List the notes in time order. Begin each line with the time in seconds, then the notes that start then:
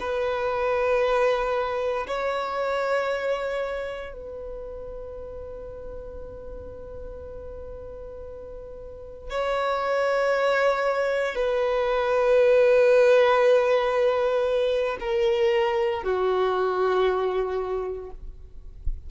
0.00 B4
2.07 C#5
4.13 B4
9.30 C#5
11.35 B4
15.00 A#4
16.03 F#4